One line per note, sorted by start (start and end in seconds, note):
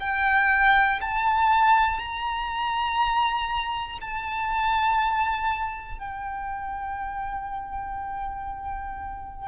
0.00 1.00 G5
1.01 1.99 A5
1.99 3.99 A#5
4.01 5.99 A5
5.99 9.48 G5